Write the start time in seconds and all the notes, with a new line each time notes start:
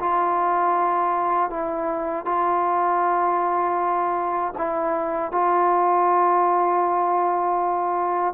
0.00 F4
1.50 E4
2.25 F4
4.58 E4
5.32 F4